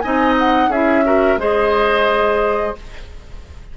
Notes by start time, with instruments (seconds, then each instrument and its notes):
0.00 bassoon C4, clarinet D#4, oboe D#5, flute G#5
0.39 flute F#5
0.68 bassoon C#4, clarinet E4, oboe G#4, flute E5
1.04 clarinet F#4, oboe A#4
1.37 bassoon G#3, clarinet G#4, oboe C5, flute D#5